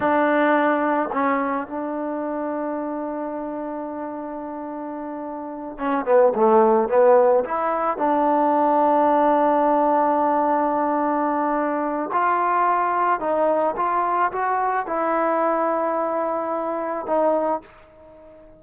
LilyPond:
\new Staff \with { instrumentName = "trombone" } { \time 4/4 \tempo 4 = 109 d'2 cis'4 d'4~ | d'1~ | d'2~ d'8 cis'8 b8 a8~ | a8 b4 e'4 d'4.~ |
d'1~ | d'2 f'2 | dis'4 f'4 fis'4 e'4~ | e'2. dis'4 | }